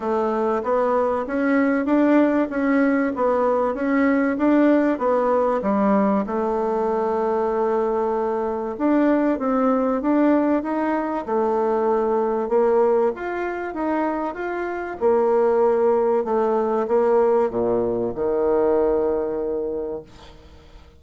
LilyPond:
\new Staff \with { instrumentName = "bassoon" } { \time 4/4 \tempo 4 = 96 a4 b4 cis'4 d'4 | cis'4 b4 cis'4 d'4 | b4 g4 a2~ | a2 d'4 c'4 |
d'4 dis'4 a2 | ais4 f'4 dis'4 f'4 | ais2 a4 ais4 | ais,4 dis2. | }